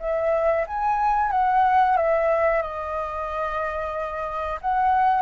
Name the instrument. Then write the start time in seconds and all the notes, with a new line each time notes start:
flute
0.00 E5
0.68 G#5
1.32 F#5
1.97 E5
2.62 D#5
4.62 F#5